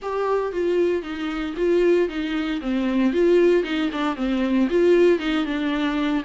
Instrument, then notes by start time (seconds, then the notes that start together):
viola
0.02 G4
0.52 F4
1.02 D#4
1.56 F4
2.08 D#4
2.61 C4
3.13 F4
3.63 D#4
3.92 D4
4.16 C4
4.70 F4
5.19 D#4
5.45 D4